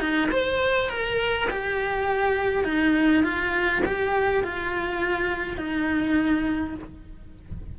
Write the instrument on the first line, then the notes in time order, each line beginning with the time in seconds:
cello
0.00 D#4
0.32 C5
0.89 A#4
1.50 G4
2.64 D#4
3.23 F4
3.86 G4
4.44 F4
5.57 D#4